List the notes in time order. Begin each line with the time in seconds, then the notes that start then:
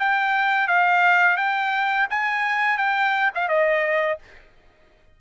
0.00 G5
0.68 F5
1.37 G5
2.10 G#5
2.78 G5
3.35 F5
3.49 D#5